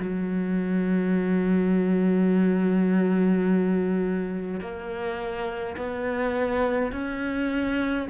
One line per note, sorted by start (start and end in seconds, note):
0.00 4.61 F#3
4.61 5.76 A#3
5.77 6.92 B3
6.92 8.08 C#4